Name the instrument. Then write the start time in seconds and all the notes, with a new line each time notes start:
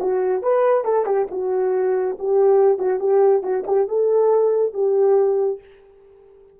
horn
0.00 F#4
0.42 B4
0.84 A4
1.06 G4
1.31 F#4
2.19 G4
2.78 F#4
2.99 G4
3.43 F#4
3.67 G4
3.88 A4
4.73 G4